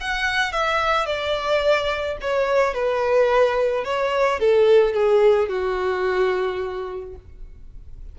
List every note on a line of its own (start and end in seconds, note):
0.00 0.52 F#5
0.52 1.06 E5
1.06 2.17 D5
2.21 2.74 C#5
2.74 3.84 B4
3.84 4.39 C#5
4.39 4.93 A4
4.93 5.49 G#4
5.49 7.15 F#4